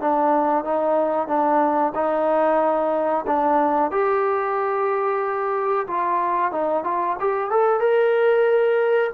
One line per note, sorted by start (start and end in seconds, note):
0.00 0.64 D4
0.64 1.27 D#4
1.27 1.92 D4
1.94 3.25 D#4
3.27 3.91 D4
3.91 5.87 G4
5.87 6.51 F4
6.51 6.84 D#4
6.84 7.17 F4
7.19 7.50 G4
7.50 7.80 A4
7.80 9.10 A#4